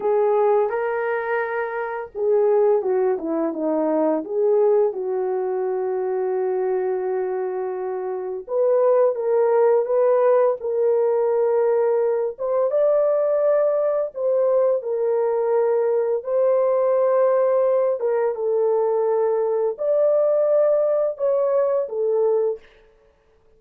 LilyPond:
\new Staff \with { instrumentName = "horn" } { \time 4/4 \tempo 4 = 85 gis'4 ais'2 gis'4 | fis'8 e'8 dis'4 gis'4 fis'4~ | fis'1 | b'4 ais'4 b'4 ais'4~ |
ais'4. c''8 d''2 | c''4 ais'2 c''4~ | c''4. ais'8 a'2 | d''2 cis''4 a'4 | }